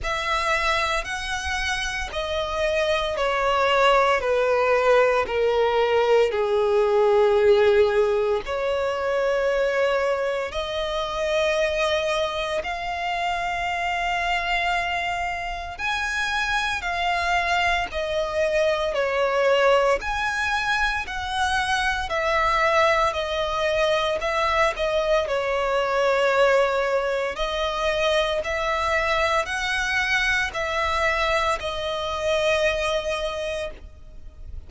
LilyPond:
\new Staff \with { instrumentName = "violin" } { \time 4/4 \tempo 4 = 57 e''4 fis''4 dis''4 cis''4 | b'4 ais'4 gis'2 | cis''2 dis''2 | f''2. gis''4 |
f''4 dis''4 cis''4 gis''4 | fis''4 e''4 dis''4 e''8 dis''8 | cis''2 dis''4 e''4 | fis''4 e''4 dis''2 | }